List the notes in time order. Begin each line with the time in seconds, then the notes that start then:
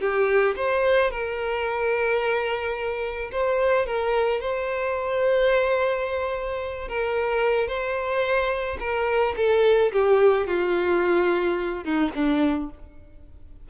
0.00 G4
0.56 C5
1.11 A#4
3.32 C5
3.86 A#4
4.41 C5
6.88 A#4
7.68 C5
8.80 A#4
9.37 A4
9.92 G4
10.47 F4
11.84 D#4
12.15 D4